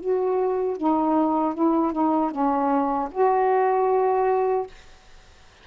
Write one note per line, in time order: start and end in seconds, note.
0.00 0.77 F#4
0.77 1.54 D#4
1.54 1.92 E4
1.92 2.31 D#4
2.31 3.09 C#4
3.11 4.66 F#4